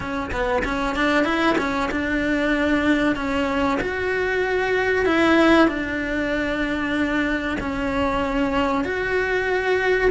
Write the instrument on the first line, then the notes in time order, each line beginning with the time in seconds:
cello
0.00 C#4
0.31 B3
0.64 C#4
0.95 D4
1.24 E4
1.58 C#4
1.91 D4
3.15 C#4
3.80 F#4
5.05 E4
5.68 D4
7.60 C#4
8.84 F#4